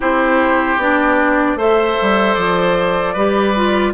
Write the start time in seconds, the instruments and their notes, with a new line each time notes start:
0.00 bassoon C4, clarinet E4, oboe G4, flute C5
0.77 bassoon B3, clarinet D4, flute D5
1.55 bassoon A3, clarinet A4, oboe C5, flute E5
2.01 bassoon G3
2.34 bassoon F3, flute D5
3.13 bassoon G3, clarinet G4, oboe B4
3.55 clarinet F4